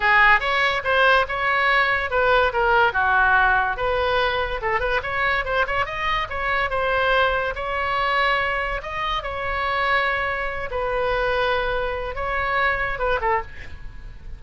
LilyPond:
\new Staff \with { instrumentName = "oboe" } { \time 4/4 \tempo 4 = 143 gis'4 cis''4 c''4 cis''4~ | cis''4 b'4 ais'4 fis'4~ | fis'4 b'2 a'8 b'8 | cis''4 c''8 cis''8 dis''4 cis''4 |
c''2 cis''2~ | cis''4 dis''4 cis''2~ | cis''4. b'2~ b'8~ | b'4 cis''2 b'8 a'8 | }